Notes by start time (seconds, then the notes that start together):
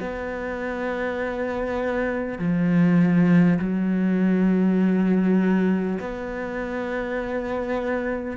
0.00 B3
2.39 F3
3.59 F#3
5.99 B3